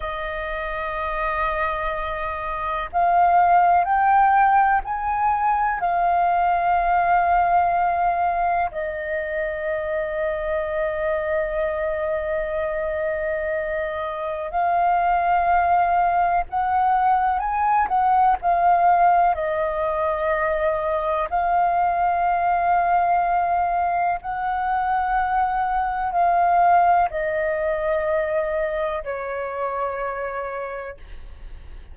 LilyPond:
\new Staff \with { instrumentName = "flute" } { \time 4/4 \tempo 4 = 62 dis''2. f''4 | g''4 gis''4 f''2~ | f''4 dis''2.~ | dis''2. f''4~ |
f''4 fis''4 gis''8 fis''8 f''4 | dis''2 f''2~ | f''4 fis''2 f''4 | dis''2 cis''2 | }